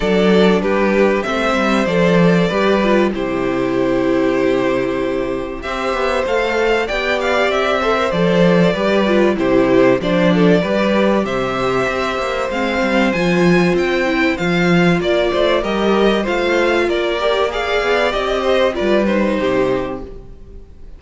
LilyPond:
<<
  \new Staff \with { instrumentName = "violin" } { \time 4/4 \tempo 4 = 96 d''4 b'4 e''4 d''4~ | d''4 c''2.~ | c''4 e''4 f''4 g''8 f''8 | e''4 d''2 c''4 |
d''2 e''2 | f''4 gis''4 g''4 f''4 | d''4 dis''4 f''4 d''4 | f''4 dis''4 d''8 c''4. | }
  \new Staff \with { instrumentName = "violin" } { \time 4/4 a'4 g'4 c''2 | b'4 g'2.~ | g'4 c''2 d''4~ | d''8 c''4. b'4 g'4 |
c''8 a'8 b'4 c''2~ | c''1 | d''8 c''8 ais'4 c''4 ais'4 | d''4. c''8 b'4 g'4 | }
  \new Staff \with { instrumentName = "viola" } { \time 4/4 d'2 c'4 a'4 | g'8 f'8 e'2.~ | e'4 g'4 a'4 g'4~ | g'8 a'16 ais'16 a'4 g'8 f'8 e'4 |
d'4 g'2. | c'4 f'4. e'8 f'4~ | f'4 g'4 f'4. g'8 | gis'4 g'4 f'8 dis'4. | }
  \new Staff \with { instrumentName = "cello" } { \time 4/4 fis4 g4 a8 g8 f4 | g4 c2.~ | c4 c'8 b8 a4 b4 | c'4 f4 g4 c4 |
f4 g4 c4 c'8 ais8 | gis8 g8 f4 c'4 f4 | ais8 a8 g4 a4 ais4~ | ais8 b8 c'4 g4 c4 | }
>>